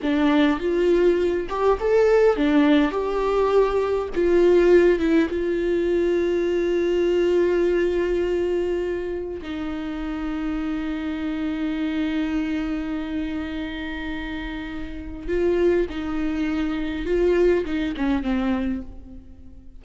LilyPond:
\new Staff \with { instrumentName = "viola" } { \time 4/4 \tempo 4 = 102 d'4 f'4. g'8 a'4 | d'4 g'2 f'4~ | f'8 e'8 f'2.~ | f'1 |
dis'1~ | dis'1~ | dis'2 f'4 dis'4~ | dis'4 f'4 dis'8 cis'8 c'4 | }